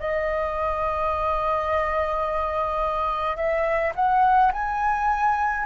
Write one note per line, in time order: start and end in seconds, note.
0.00 3.37 D#5
3.37 3.93 E5
3.95 4.52 F#5
4.52 5.66 G#5